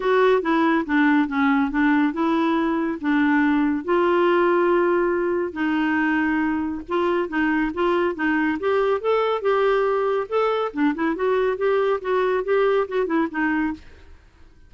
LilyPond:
\new Staff \with { instrumentName = "clarinet" } { \time 4/4 \tempo 4 = 140 fis'4 e'4 d'4 cis'4 | d'4 e'2 d'4~ | d'4 f'2.~ | f'4 dis'2. |
f'4 dis'4 f'4 dis'4 | g'4 a'4 g'2 | a'4 d'8 e'8 fis'4 g'4 | fis'4 g'4 fis'8 e'8 dis'4 | }